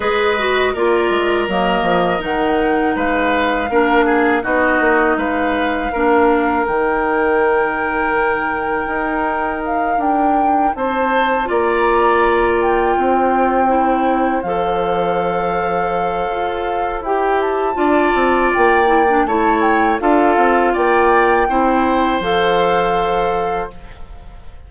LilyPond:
<<
  \new Staff \with { instrumentName = "flute" } { \time 4/4 \tempo 4 = 81 dis''4 d''4 dis''4 fis''4 | f''2 dis''4 f''4~ | f''4 g''2.~ | g''4 f''8 g''4 a''4 ais''8~ |
ais''4 g''2~ g''8 f''8~ | f''2. g''8 a''8~ | a''4 g''4 a''8 g''8 f''4 | g''2 f''2 | }
  \new Staff \with { instrumentName = "oboe" } { \time 4/4 b'4 ais'2. | b'4 ais'8 gis'8 fis'4 b'4 | ais'1~ | ais'2~ ais'8 c''4 d''8~ |
d''4. c''2~ c''8~ | c''1 | d''2 cis''4 a'4 | d''4 c''2. | }
  \new Staff \with { instrumentName = "clarinet" } { \time 4/4 gis'8 fis'8 f'4 ais4 dis'4~ | dis'4 d'4 dis'2 | d'4 dis'2.~ | dis'2.~ dis'8 f'8~ |
f'2~ f'8 e'4 a'8~ | a'2. g'4 | f'4. e'16 d'16 e'4 f'4~ | f'4 e'4 a'2 | }
  \new Staff \with { instrumentName = "bassoon" } { \time 4/4 gis4 ais8 gis8 fis8 f8 dis4 | gis4 ais4 b8 ais8 gis4 | ais4 dis2. | dis'4. d'4 c'4 ais8~ |
ais4. c'2 f8~ | f2 f'4 e'4 | d'8 c'8 ais4 a4 d'8 c'8 | ais4 c'4 f2 | }
>>